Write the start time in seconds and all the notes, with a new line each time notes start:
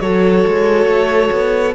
0.00 F#3 F#4 A4 C#5
0.47 G#3
0.86 A3
1.32 B3